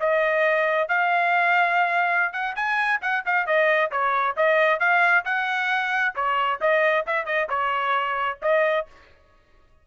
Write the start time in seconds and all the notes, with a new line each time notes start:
0.00 D#5
0.88 F5
2.33 F#5
2.55 G#5
3.02 F#5
3.26 F5
3.46 D#5
3.91 C#5
4.37 D#5
4.80 F5
5.25 F#5
6.15 C#5
6.61 D#5
7.06 E5
7.26 D#5
7.49 C#5
8.42 D#5